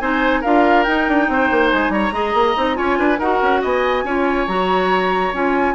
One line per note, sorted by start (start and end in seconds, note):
0.00 0.43 C4
0.00 0.44 D#4
0.00 0.41 C5
0.00 0.43 G#5
0.41 0.87 D4
0.41 0.87 F4
0.41 1.26 A#4
0.41 0.84 F5
0.84 1.09 D#4
0.84 2.12 D#4
0.84 1.69 G5
1.09 1.29 D4
1.29 1.50 C4
1.29 1.93 C5
1.51 1.73 A#3
1.71 1.89 G#3
1.71 1.92 G#5
1.89 2.11 G3
1.89 2.14 C#5
1.89 2.77 A#5
2.12 2.34 G#3
2.12 2.55 G#4
2.12 2.77 D#5
2.34 2.56 A#3
2.57 2.78 C4
2.57 2.75 D#4
2.75 2.99 C#4
2.75 3.17 F4
2.75 2.99 C#5
2.75 3.20 G#5
2.99 3.19 D4
2.99 3.19 B4
3.19 3.41 D#4
3.19 4.07 F#4
3.19 3.62 A#4
3.19 3.62 F#5
3.42 3.64 C#4
3.62 4.04 B3
3.62 4.04 D#5
3.62 4.48 G#5
4.04 4.47 C#4
4.04 4.48 F4
4.04 5.75 C#5
4.48 5.33 F#3
4.48 5.33 F#4
4.48 5.33 A#5
5.34 5.75 C#4
5.34 5.75 F4
5.34 5.75 G#5